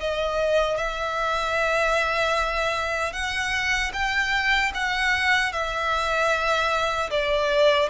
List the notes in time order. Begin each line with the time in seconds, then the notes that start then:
0.00 D#5
0.78 E5
3.13 F#5
3.93 G5
4.74 F#5
5.52 E5
7.10 D5